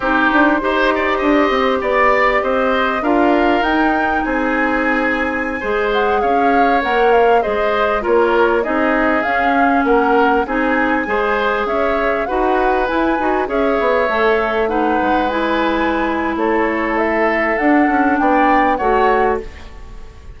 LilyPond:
<<
  \new Staff \with { instrumentName = "flute" } { \time 4/4 \tempo 4 = 99 c''2. d''4 | dis''4 f''4 g''4 gis''4~ | gis''4.~ gis''16 fis''8 f''4 fis''8 f''16~ | f''16 dis''4 cis''4 dis''4 f''8.~ |
f''16 fis''4 gis''2 e''8.~ | e''16 fis''4 gis''4 e''4.~ e''16~ | e''16 fis''4 gis''4.~ gis''16 cis''4 | e''4 fis''4 g''4 fis''4 | }
  \new Staff \with { instrumentName = "oboe" } { \time 4/4 g'4 c''8 d''8 dis''4 d''4 | c''4 ais'2 gis'4~ | gis'4~ gis'16 c''4 cis''4.~ cis''16~ | cis''16 c''4 ais'4 gis'4.~ gis'16~ |
gis'16 ais'4 gis'4 c''4 cis''8.~ | cis''16 b'2 cis''4.~ cis''16~ | cis''16 b'2~ b'8. a'4~ | a'2 d''4 cis''4 | }
  \new Staff \with { instrumentName = "clarinet" } { \time 4/4 dis'4 g'2.~ | g'4 f'4 dis'2~ | dis'4~ dis'16 gis'2 ais'8.~ | ais'16 gis'4 f'4 dis'4 cis'8.~ |
cis'4~ cis'16 dis'4 gis'4.~ gis'16~ | gis'16 fis'4 e'8 fis'8 gis'4 a'8.~ | a'16 dis'4 e'2~ e'8.~ | e'4 d'2 fis'4 | }
  \new Staff \with { instrumentName = "bassoon" } { \time 4/4 c'8 d'8 dis'4 d'8 c'8 b4 | c'4 d'4 dis'4 c'4~ | c'4~ c'16 gis4 cis'4 ais8.~ | ais16 gis4 ais4 c'4 cis'8.~ |
cis'16 ais4 c'4 gis4 cis'8.~ | cis'16 dis'4 e'8 dis'8 cis'8 b8 a8.~ | a8. gis2~ gis16 a4~ | a4 d'8 cis'8 b4 a4 | }
>>